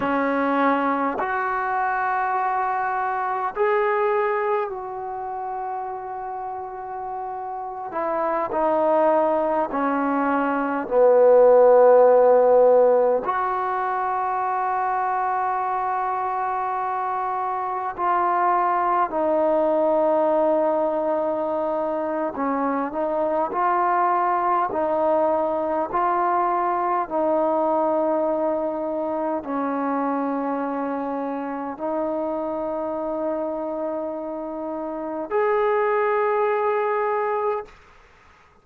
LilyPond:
\new Staff \with { instrumentName = "trombone" } { \time 4/4 \tempo 4 = 51 cis'4 fis'2 gis'4 | fis'2~ fis'8. e'8 dis'8.~ | dis'16 cis'4 b2 fis'8.~ | fis'2.~ fis'16 f'8.~ |
f'16 dis'2~ dis'8. cis'8 dis'8 | f'4 dis'4 f'4 dis'4~ | dis'4 cis'2 dis'4~ | dis'2 gis'2 | }